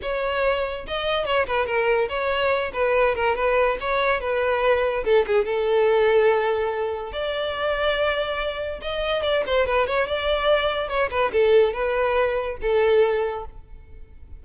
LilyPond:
\new Staff \with { instrumentName = "violin" } { \time 4/4 \tempo 4 = 143 cis''2 dis''4 cis''8 b'8 | ais'4 cis''4. b'4 ais'8 | b'4 cis''4 b'2 | a'8 gis'8 a'2.~ |
a'4 d''2.~ | d''4 dis''4 d''8 c''8 b'8 cis''8 | d''2 cis''8 b'8 a'4 | b'2 a'2 | }